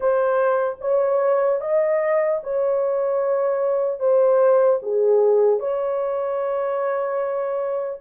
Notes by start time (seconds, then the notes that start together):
0.00 C5
0.80 C#5
1.60 D#5
2.43 C#5
3.99 C5
4.82 G#4
5.59 C#5